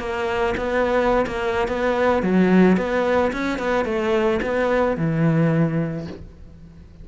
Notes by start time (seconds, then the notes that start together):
0.00 A#3
0.57 B3
1.27 A#3
1.68 B3
2.23 F#3
2.77 B3
3.33 C#4
3.59 B3
3.86 A3
4.42 B3
4.97 E3